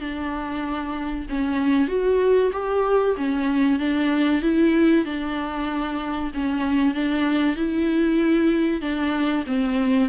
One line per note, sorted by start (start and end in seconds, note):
0.00 1.26 D4
1.29 1.88 C#4
1.88 2.51 F#4
2.52 3.15 G4
3.16 3.79 C#4
3.79 4.42 D4
4.42 5.05 E4
5.05 6.31 D4
6.34 6.94 C#4
6.94 7.56 D4
7.56 8.81 E4
8.81 9.44 D4
9.46 10.09 C4